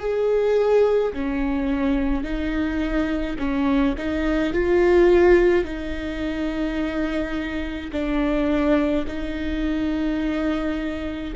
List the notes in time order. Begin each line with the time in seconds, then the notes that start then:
0.00 G#4
1.14 C#4
2.24 D#4
3.39 C#4
3.98 D#4
4.53 F4
5.64 D#4
7.92 D4
9.08 D#4